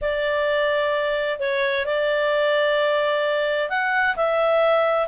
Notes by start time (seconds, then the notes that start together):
0.01 D5
1.39 C#5
1.85 D5
3.69 F#5
4.16 E5